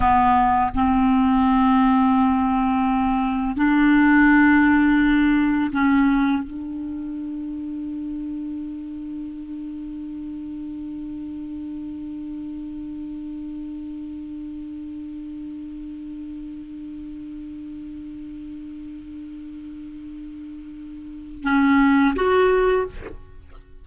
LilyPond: \new Staff \with { instrumentName = "clarinet" } { \time 4/4 \tempo 4 = 84 b4 c'2.~ | c'4 d'2. | cis'4 d'2.~ | d'1~ |
d'1~ | d'1~ | d'1~ | d'2 cis'4 fis'4 | }